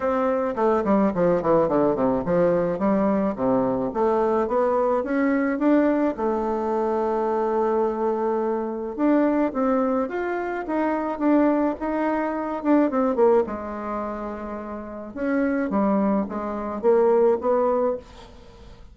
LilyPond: \new Staff \with { instrumentName = "bassoon" } { \time 4/4 \tempo 4 = 107 c'4 a8 g8 f8 e8 d8 c8 | f4 g4 c4 a4 | b4 cis'4 d'4 a4~ | a1 |
d'4 c'4 f'4 dis'4 | d'4 dis'4. d'8 c'8 ais8 | gis2. cis'4 | g4 gis4 ais4 b4 | }